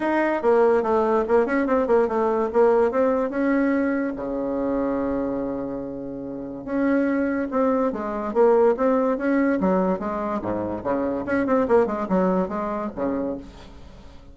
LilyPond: \new Staff \with { instrumentName = "bassoon" } { \time 4/4 \tempo 4 = 144 dis'4 ais4 a4 ais8 cis'8 | c'8 ais8 a4 ais4 c'4 | cis'2 cis2~ | cis1 |
cis'2 c'4 gis4 | ais4 c'4 cis'4 fis4 | gis4 gis,4 cis4 cis'8 c'8 | ais8 gis8 fis4 gis4 cis4 | }